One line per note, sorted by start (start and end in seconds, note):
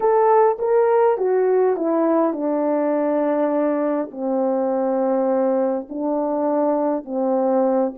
0.00 0.57 A4
0.59 1.17 A#4
1.17 1.76 F#4
1.76 2.33 E4
2.33 4.09 D4
4.11 5.87 C4
5.89 7.04 D4
7.04 7.93 C4